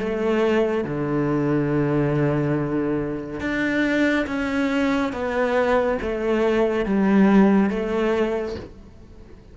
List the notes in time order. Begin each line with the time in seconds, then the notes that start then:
0.00 A3
0.85 D3
3.41 D4
4.27 C#4
5.13 B3
6.02 A3
6.86 G3
7.70 A3